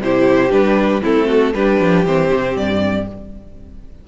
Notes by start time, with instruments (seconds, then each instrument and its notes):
0.00 cello C3, viola E4, violin G4 C5
0.50 cello G3, viola D4, violin B4
1.02 cello A3, viola C4, violin E4 A4
1.27 violin F#4
1.54 cello G3, viola D4, violin G4 B4
1.80 cello F3
2.05 cello E3, viola C4, violin C5
2.33 cello C3
2.56 cello G2, violin D5